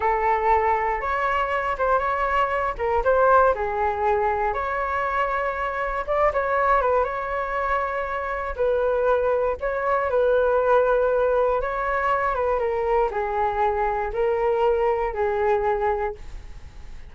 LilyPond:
\new Staff \with { instrumentName = "flute" } { \time 4/4 \tempo 4 = 119 a'2 cis''4. c''8 | cis''4. ais'8 c''4 gis'4~ | gis'4 cis''2. | d''8 cis''4 b'8 cis''2~ |
cis''4 b'2 cis''4 | b'2. cis''4~ | cis''8 b'8 ais'4 gis'2 | ais'2 gis'2 | }